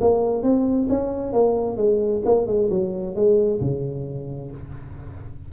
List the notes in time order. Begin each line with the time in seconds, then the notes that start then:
0.00 A#3
0.43 C4
0.89 C#4
1.32 A#3
1.77 G#3
2.25 A#3
2.47 G#3
2.70 F#3
3.15 G#3
3.61 C#3